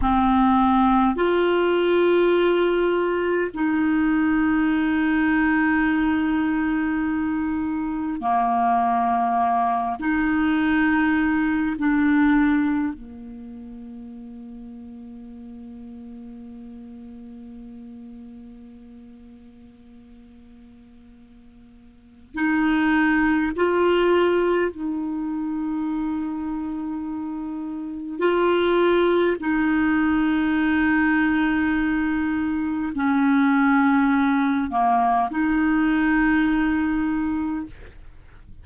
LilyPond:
\new Staff \with { instrumentName = "clarinet" } { \time 4/4 \tempo 4 = 51 c'4 f'2 dis'4~ | dis'2. ais4~ | ais8 dis'4. d'4 ais4~ | ais1~ |
ais2. dis'4 | f'4 dis'2. | f'4 dis'2. | cis'4. ais8 dis'2 | }